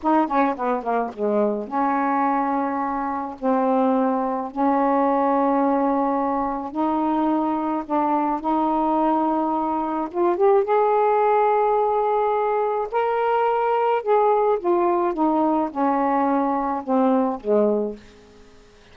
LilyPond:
\new Staff \with { instrumentName = "saxophone" } { \time 4/4 \tempo 4 = 107 dis'8 cis'8 b8 ais8 gis4 cis'4~ | cis'2 c'2 | cis'1 | dis'2 d'4 dis'4~ |
dis'2 f'8 g'8 gis'4~ | gis'2. ais'4~ | ais'4 gis'4 f'4 dis'4 | cis'2 c'4 gis4 | }